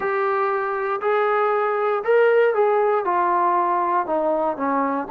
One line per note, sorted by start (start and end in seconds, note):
0.00 1.00 G4
1.01 2.03 G#4
2.04 2.54 A#4
2.54 3.05 G#4
3.05 4.06 F4
4.06 4.56 D#4
4.56 5.07 C#4